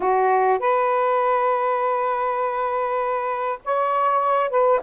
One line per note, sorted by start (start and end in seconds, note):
0.00 0.59 F#4
0.59 3.59 B4
3.64 4.49 C#5
4.49 4.79 B4